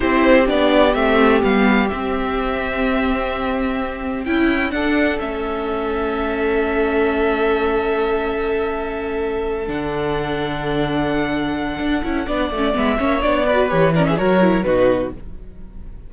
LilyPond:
<<
  \new Staff \with { instrumentName = "violin" } { \time 4/4 \tempo 4 = 127 c''4 d''4 e''4 f''4 | e''1~ | e''4 g''4 fis''4 e''4~ | e''1~ |
e''1~ | e''8 fis''2.~ fis''8~ | fis''2. e''4 | d''4 cis''8 d''16 e''16 cis''4 b'4 | }
  \new Staff \with { instrumentName = "violin" } { \time 4/4 g'1~ | g'1~ | g'4 e'4 a'2~ | a'1~ |
a'1~ | a'1~ | a'2 d''4. cis''8~ | cis''8 b'4 ais'16 gis'16 ais'4 fis'4 | }
  \new Staff \with { instrumentName = "viola" } { \time 4/4 e'4 d'4 c'4 b4 | c'1~ | c'4 e'4 d'4 cis'4~ | cis'1~ |
cis'1~ | cis'8 d'2.~ d'8~ | d'4. e'8 d'8 cis'8 b8 cis'8 | d'8 fis'8 g'8 cis'8 fis'8 e'8 dis'4 | }
  \new Staff \with { instrumentName = "cello" } { \time 4/4 c'4 b4 a4 g4 | c'1~ | c'4 cis'4 d'4 a4~ | a1~ |
a1~ | a8 d2.~ d8~ | d4 d'8 cis'8 b8 a8 gis8 ais8 | b4 e4 fis4 b,4 | }
>>